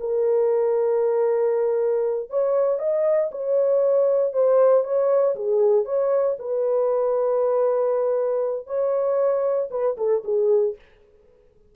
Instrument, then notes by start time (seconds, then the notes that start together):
horn
0.00 A#4
2.30 C#5
2.79 D#5
3.32 C#5
4.33 C5
4.84 C#5
5.35 G#4
5.85 C#5
6.39 B4
8.67 C#5
9.71 B4
9.97 A4
10.24 G#4